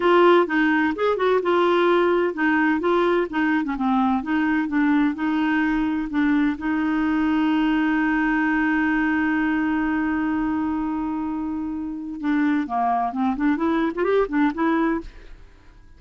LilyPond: \new Staff \with { instrumentName = "clarinet" } { \time 4/4 \tempo 4 = 128 f'4 dis'4 gis'8 fis'8 f'4~ | f'4 dis'4 f'4 dis'8. cis'16 | c'4 dis'4 d'4 dis'4~ | dis'4 d'4 dis'2~ |
dis'1~ | dis'1~ | dis'2 d'4 ais4 | c'8 d'8 e'8. f'16 g'8 d'8 e'4 | }